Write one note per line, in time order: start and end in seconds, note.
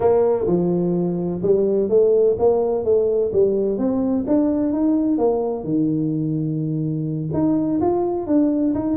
0.00 0.46 A#3
0.46 1.41 F3
1.42 1.89 G3
1.89 2.36 A3
2.38 2.84 A#3
2.84 3.31 A3
3.32 3.78 G3
3.78 4.25 C4
4.27 4.72 D4
4.72 5.18 D#4
5.18 5.64 A#3
5.64 7.29 D#3
7.33 7.80 D#4
7.80 8.27 F4
8.27 8.74 D4
8.74 8.97 D#4